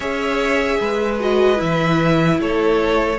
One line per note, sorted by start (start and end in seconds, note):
0.00 0.78 C#4
0.00 1.19 G#4
0.00 0.77 C#5
0.00 1.19 E5
0.80 1.60 G#3
0.80 2.40 B4
1.19 1.56 F#4
1.19 1.60 D#5
1.56 2.39 E3
1.56 3.16 E4
1.56 2.40 E5
2.39 3.19 A3
2.39 3.19 A4
2.39 3.19 C#5